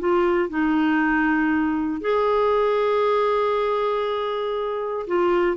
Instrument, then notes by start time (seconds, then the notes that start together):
clarinet
0.00 F4
0.50 D#4
2.01 G#4
5.07 F4